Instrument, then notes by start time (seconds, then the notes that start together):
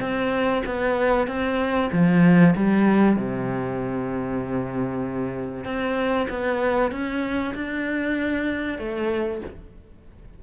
cello
0.00 C4
0.65 B3
1.27 C4
1.92 F3
2.56 G3
3.16 C3
5.64 C4
6.29 B3
6.91 C#4
7.54 D4
8.78 A3